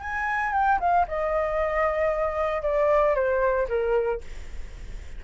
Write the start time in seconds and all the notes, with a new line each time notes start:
0.00 G#5
0.52 G5
0.79 F5
1.08 D#5
2.62 D5
3.15 C5
3.68 A#4